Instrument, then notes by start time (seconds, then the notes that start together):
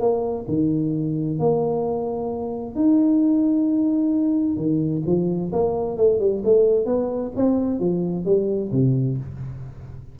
tuba
0.00 A#3
0.48 D#3
1.39 A#3
2.75 D#4
4.57 D#3
5.06 F3
5.52 A#3
5.98 A3
6.20 G3
6.44 A3
6.86 B3
7.36 C4
7.80 F3
8.25 G3
8.72 C3